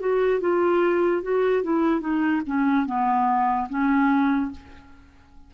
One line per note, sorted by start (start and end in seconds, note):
0.00 0.41 F#4
0.41 1.23 F4
1.23 1.64 F#4
1.64 2.01 E4
2.01 2.42 D#4
2.47 2.87 C#4
2.87 3.69 B3
3.69 4.52 C#4